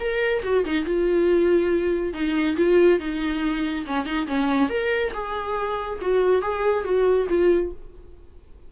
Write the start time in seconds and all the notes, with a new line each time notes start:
0.00 A#4
0.44 F#4
0.65 D#4
0.85 F4
2.14 D#4
2.57 F4
3.00 D#4
3.87 C#4
4.06 D#4
4.27 C#4
4.70 A#4
5.14 G#4
6.02 F#4
6.42 G#4
6.85 F#4
7.29 F4